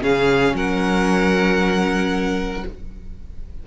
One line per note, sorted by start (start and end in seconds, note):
0.00 0.53 C#3
0.00 2.63 C#4
0.00 0.55 G#4
0.00 0.56 F5
0.53 2.63 F#3
0.53 2.66 A#4
0.53 2.67 F#5